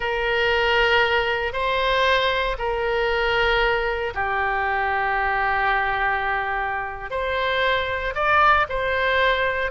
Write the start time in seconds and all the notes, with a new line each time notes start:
0.00 A#4
1.52 C5
2.58 A#4
4.14 G4
7.10 C5
8.14 D5
8.69 C5